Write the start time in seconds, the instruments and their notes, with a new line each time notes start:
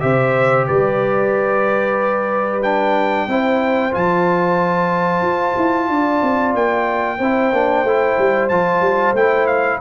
0.00 tuba C3, trombone G4, horn C5, trumpet E5
0.67 tuba G3, horn B4, trumpet D5
2.62 trombone D4, trumpet G5
3.27 tuba C4, trombone E4, horn C5
3.92 tuba F3, trombone F4, trumpet A5
5.21 tuba F4
5.57 tuba E4
5.89 tuba D4, horn D5
6.22 tuba C4
6.54 tuba A#3, trumpet G5
7.18 tuba C4, trombone E4, horn C5
7.52 tuba A#3, trombone D4
7.83 tuba A3, trombone E4
8.18 tuba G3
8.49 tuba F3, trombone F4, trumpet A5
8.80 tuba G3
9.13 tuba A3, trombone E4, trumpet G5
9.46 trumpet F5